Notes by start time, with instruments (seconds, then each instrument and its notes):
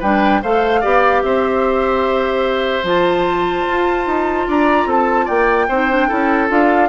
0.00 bassoon G3, clarinet D4, oboe B4, flute G5
0.43 bassoon A3, clarinet A4, oboe C5, flute F5
0.81 bassoon B3, clarinet G4, oboe D5
1.23 bassoon C4, oboe C5, flute E5
2.84 bassoon F3, clarinet F4, flute A5
3.69 bassoon F4
4.07 bassoon D#4
4.48 bassoon D4, oboe D5, flute A#5
4.86 bassoon C4, oboe A4, flute A5
5.26 bassoon A#3, oboe D5, flute G5
5.69 bassoon C4, clarinet D#4, oboe C5
5.90 clarinet D4
6.08 bassoon C#4, clarinet E4, oboe A4
6.48 bassoon D4, clarinet F4, flute F5